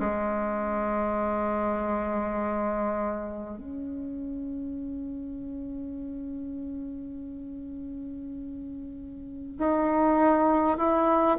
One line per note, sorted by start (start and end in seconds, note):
0.00 3.58 G#3
3.58 9.58 C#4
9.58 10.78 D#4
10.78 11.38 E4